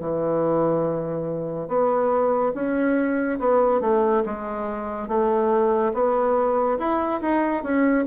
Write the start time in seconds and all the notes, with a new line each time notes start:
0.00 E3
1.68 B3
2.54 C#4
3.40 B3
3.81 A3
4.26 G#3
5.08 A3
5.93 B3
6.79 E4
7.21 D#4
7.63 C#4